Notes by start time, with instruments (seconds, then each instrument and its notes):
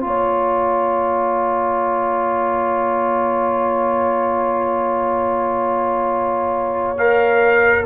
0.00 tuba A#3, trombone F4, trumpet A#5
0.07 horn C#5
6.97 trombone A#4, trumpet F5